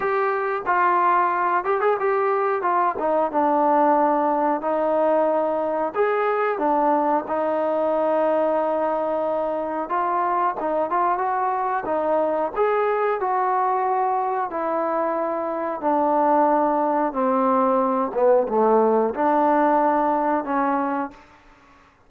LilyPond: \new Staff \with { instrumentName = "trombone" } { \time 4/4 \tempo 4 = 91 g'4 f'4. g'16 gis'16 g'4 | f'8 dis'8 d'2 dis'4~ | dis'4 gis'4 d'4 dis'4~ | dis'2. f'4 |
dis'8 f'8 fis'4 dis'4 gis'4 | fis'2 e'2 | d'2 c'4. b8 | a4 d'2 cis'4 | }